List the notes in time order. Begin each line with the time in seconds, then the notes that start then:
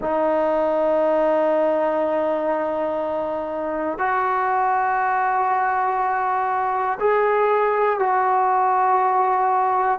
0.01 D#4
3.98 F#4
7.00 G#4
7.99 F#4